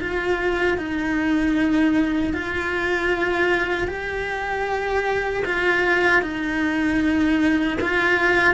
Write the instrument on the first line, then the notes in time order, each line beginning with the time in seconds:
cello
0.00 F4
0.78 D#4
2.33 F4
3.88 G4
5.45 F4
6.22 D#4
7.81 F4